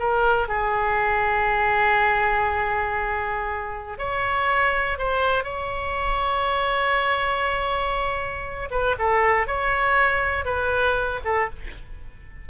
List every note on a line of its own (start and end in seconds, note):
0.00 0.49 A#4
0.49 3.99 G#4
3.99 4.99 C#5
4.99 5.44 C5
5.44 8.69 C#5
8.71 8.96 B4
8.99 9.47 A4
9.47 10.45 C#5
10.45 11.20 B4
11.25 11.50 A4